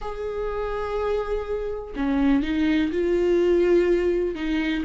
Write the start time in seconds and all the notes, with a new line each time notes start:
0.00 G#4
1.96 C#4
2.42 D#4
2.91 F4
4.35 D#4